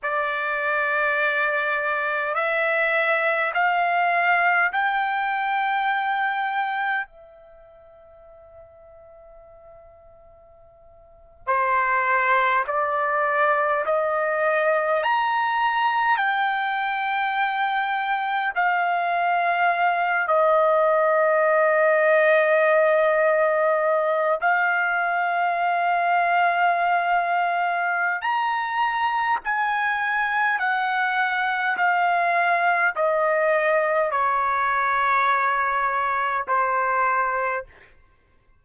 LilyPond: \new Staff \with { instrumentName = "trumpet" } { \time 4/4 \tempo 4 = 51 d''2 e''4 f''4 | g''2 e''2~ | e''4.~ e''16 c''4 d''4 dis''16~ | dis''8. ais''4 g''2 f''16~ |
f''4~ f''16 dis''2~ dis''8.~ | dis''8. f''2.~ f''16 | ais''4 gis''4 fis''4 f''4 | dis''4 cis''2 c''4 | }